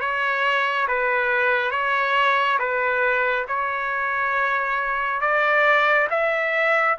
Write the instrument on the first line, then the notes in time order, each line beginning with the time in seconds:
trumpet
0.00 C#5
0.88 B4
1.71 C#5
2.59 B4
3.48 C#5
5.21 D5
6.10 E5